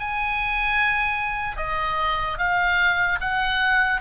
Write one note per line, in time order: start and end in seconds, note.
0.00 1.57 G#5
1.57 2.38 D#5
2.38 3.19 F5
3.21 4.01 F#5